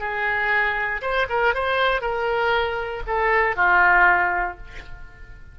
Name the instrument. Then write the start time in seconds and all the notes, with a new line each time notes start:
oboe
0.00 G#4
1.02 C5
1.29 A#4
1.55 C5
2.02 A#4
3.07 A4
3.56 F4